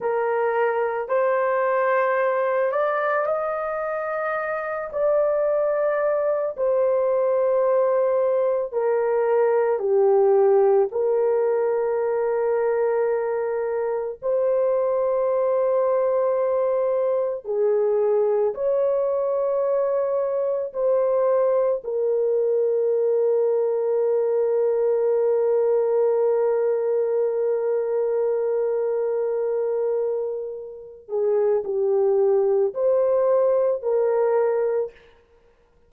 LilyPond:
\new Staff \with { instrumentName = "horn" } { \time 4/4 \tempo 4 = 55 ais'4 c''4. d''8 dis''4~ | dis''8 d''4. c''2 | ais'4 g'4 ais'2~ | ais'4 c''2. |
gis'4 cis''2 c''4 | ais'1~ | ais'1~ | ais'8 gis'8 g'4 c''4 ais'4 | }